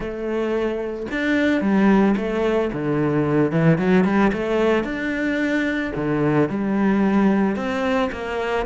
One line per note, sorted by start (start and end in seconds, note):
0.00 1.06 A3
1.11 1.61 D4
1.61 2.15 G3
2.16 2.71 A3
2.72 3.51 D3
3.51 3.78 E3
3.78 4.04 F#3
4.04 4.31 G3
4.32 4.84 A3
4.84 5.92 D4
5.95 6.49 D3
6.49 7.56 G3
7.56 8.10 C4
8.12 8.66 A#3